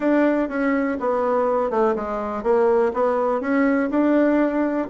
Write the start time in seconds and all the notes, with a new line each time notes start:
0.00 D4
0.49 C#4
1.00 B3
1.70 A3
1.95 G#3
2.43 A#3
2.93 B3
3.40 C#4
3.90 D4